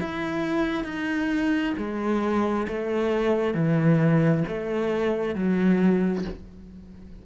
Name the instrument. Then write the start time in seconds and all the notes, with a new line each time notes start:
cello
0.00 E4
0.84 D#4
1.77 G#3
2.67 A3
3.54 E3
4.47 A3
5.35 F#3